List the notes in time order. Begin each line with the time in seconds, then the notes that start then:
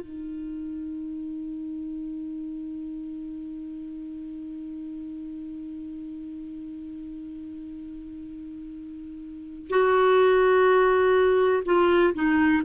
0.00 D#4
9.70 F#4
11.65 F4
12.14 D#4